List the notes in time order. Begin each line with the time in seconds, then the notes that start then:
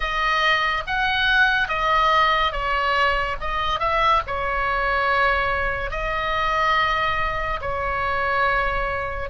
0.00 D#5
0.86 F#5
1.68 D#5
2.52 C#5
3.40 D#5
3.79 E5
4.26 C#5
5.90 D#5
7.61 C#5